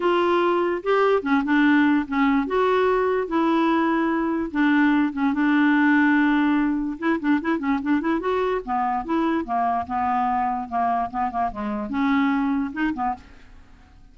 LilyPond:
\new Staff \with { instrumentName = "clarinet" } { \time 4/4 \tempo 4 = 146 f'2 g'4 cis'8 d'8~ | d'4 cis'4 fis'2 | e'2. d'4~ | d'8 cis'8 d'2.~ |
d'4 e'8 d'8 e'8 cis'8 d'8 e'8 | fis'4 b4 e'4 ais4 | b2 ais4 b8 ais8 | gis4 cis'2 dis'8 b8 | }